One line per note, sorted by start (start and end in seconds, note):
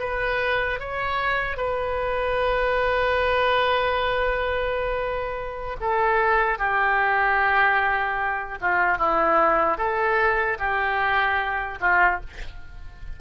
0.00 0.80 B4
0.80 1.57 C#5
1.57 5.77 B4
5.81 6.59 A4
6.59 8.59 G4
8.61 8.99 F4
8.99 9.78 E4
9.78 10.58 A4
10.59 11.79 G4
11.81 12.21 F4